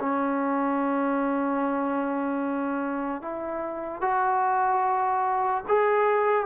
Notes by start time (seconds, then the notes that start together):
0.00 C#4
3.22 E4
4.02 F#4
5.68 G#4